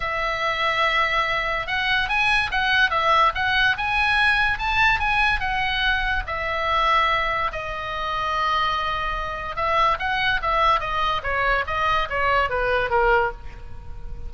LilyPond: \new Staff \with { instrumentName = "oboe" } { \time 4/4 \tempo 4 = 144 e''1 | fis''4 gis''4 fis''4 e''4 | fis''4 gis''2 a''4 | gis''4 fis''2 e''4~ |
e''2 dis''2~ | dis''2. e''4 | fis''4 e''4 dis''4 cis''4 | dis''4 cis''4 b'4 ais'4 | }